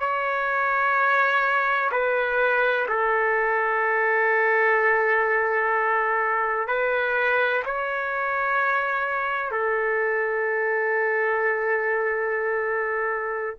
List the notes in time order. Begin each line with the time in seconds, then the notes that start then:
0.00 C#5
1.92 B4
2.89 A4
6.68 B4
7.66 C#5
9.52 A4